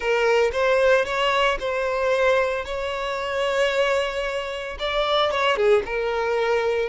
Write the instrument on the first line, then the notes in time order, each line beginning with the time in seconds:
violin
0.00 A#4
0.52 C5
1.05 C#5
1.59 C5
2.65 C#5
4.79 D5
5.31 C#5
5.56 G#4
5.85 A#4